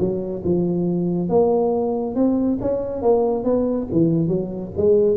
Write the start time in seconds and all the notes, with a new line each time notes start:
0.00 F#3
0.45 F3
1.29 A#3
2.16 C4
2.62 C#4
3.02 A#3
3.44 B3
3.92 E3
4.28 F#3
4.77 G#3